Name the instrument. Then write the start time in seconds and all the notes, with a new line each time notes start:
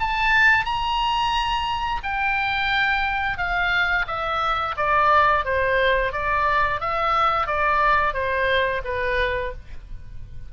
oboe
0.00 A5
0.65 A#5
2.04 G5
3.38 F5
4.08 E5
4.77 D5
5.45 C5
6.13 D5
6.81 E5
7.48 D5
8.14 C5
8.85 B4